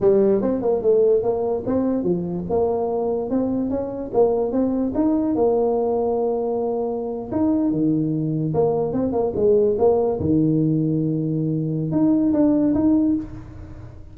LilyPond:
\new Staff \with { instrumentName = "tuba" } { \time 4/4 \tempo 4 = 146 g4 c'8 ais8 a4 ais4 | c'4 f4 ais2 | c'4 cis'4 ais4 c'4 | dis'4 ais2.~ |
ais4.~ ais16 dis'4 dis4~ dis16~ | dis8. ais4 c'8 ais8 gis4 ais16~ | ais8. dis2.~ dis16~ | dis4 dis'4 d'4 dis'4 | }